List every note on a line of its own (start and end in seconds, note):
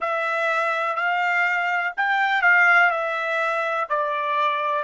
0.00 0.95 E5
0.95 1.92 F5
1.96 2.42 G5
2.42 2.90 F5
2.90 3.87 E5
3.89 4.83 D5